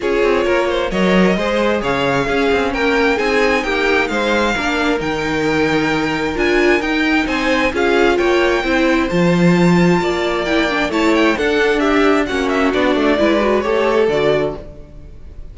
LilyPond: <<
  \new Staff \with { instrumentName = "violin" } { \time 4/4 \tempo 4 = 132 cis''2 dis''2 | f''2 g''4 gis''4 | g''4 f''2 g''4~ | g''2 gis''4 g''4 |
gis''4 f''4 g''2 | a''2. g''4 | a''8 g''8 fis''4 e''4 fis''8 e''8 | d''2 cis''4 d''4 | }
  \new Staff \with { instrumentName = "violin" } { \time 4/4 gis'4 ais'8 c''8 cis''4 c''4 | cis''4 gis'4 ais'4 gis'4 | g'4 c''4 ais'2~ | ais'1 |
c''4 gis'4 cis''4 c''4~ | c''2 d''2 | cis''4 a'4 g'4 fis'4~ | fis'4 b'4 a'2 | }
  \new Staff \with { instrumentName = "viola" } { \time 4/4 f'2 ais'4 gis'4~ | gis'4 cis'2 dis'4~ | dis'2 d'4 dis'4~ | dis'2 f'4 dis'4~ |
dis'4 f'2 e'4 | f'2. e'8 d'8 | e'4 d'2 cis'4 | d'4 e'8 fis'8 g'4 fis'4 | }
  \new Staff \with { instrumentName = "cello" } { \time 4/4 cis'8 c'8 ais4 fis4 gis4 | cis4 cis'8 c'8 ais4 c'4 | ais4 gis4 ais4 dis4~ | dis2 d'4 dis'4 |
c'4 cis'4 ais4 c'4 | f2 ais2 | a4 d'2 ais4 | b8 a8 gis4 a4 d4 | }
>>